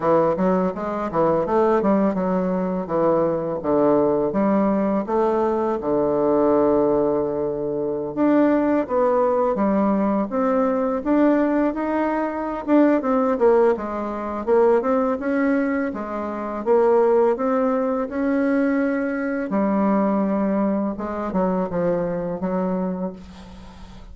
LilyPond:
\new Staff \with { instrumentName = "bassoon" } { \time 4/4 \tempo 4 = 83 e8 fis8 gis8 e8 a8 g8 fis4 | e4 d4 g4 a4 | d2.~ d16 d'8.~ | d'16 b4 g4 c'4 d'8.~ |
d'16 dis'4~ dis'16 d'8 c'8 ais8 gis4 | ais8 c'8 cis'4 gis4 ais4 | c'4 cis'2 g4~ | g4 gis8 fis8 f4 fis4 | }